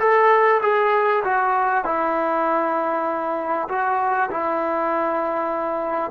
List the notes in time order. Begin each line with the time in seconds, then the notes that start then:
0.00 A4
0.62 G#4
1.25 F#4
1.85 E4
3.69 F#4
4.31 E4